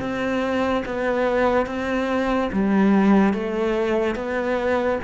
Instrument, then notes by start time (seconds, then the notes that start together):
cello
0.00 C4
0.85 B3
1.66 C4
2.52 G3
3.33 A3
4.16 B3